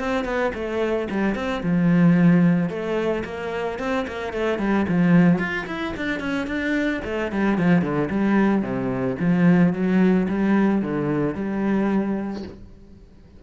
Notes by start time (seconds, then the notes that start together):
0.00 C4
0.25 B3
0.54 A3
1.11 G3
1.35 C4
1.63 F3
2.70 A3
3.25 A#3
3.79 C4
4.08 A#3
4.33 A3
4.59 G3
4.89 F3
5.39 F4
5.67 E4
5.97 D4
6.20 C#4
6.47 D4
7.05 A3
7.32 G3
7.58 F3
7.82 D3
8.10 G3
8.62 C3
9.20 F3
9.73 F#3
10.29 G3
10.82 D3
11.35 G3